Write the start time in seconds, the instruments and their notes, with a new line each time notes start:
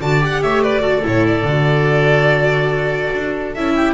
0.00 double bass D3, viola F#4, oboe D5, violin A5
0.20 viola G4, violin F#5
0.42 double bass A3, oboe C#5, violin E5
0.63 oboe B4, violin D5
0.81 viola F#4, oboe A4
1.03 double bass A2, viola E4, violin C#5
1.27 violin D5
1.44 double bass D3, viola F#4
3.14 double bass D4
3.55 double bass C#4, viola E4, violin E5
3.76 oboe G4